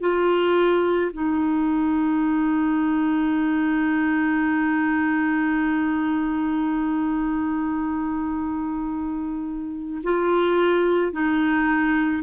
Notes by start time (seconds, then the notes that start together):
0.00 F4
1.13 D#4
10.03 F4
11.12 D#4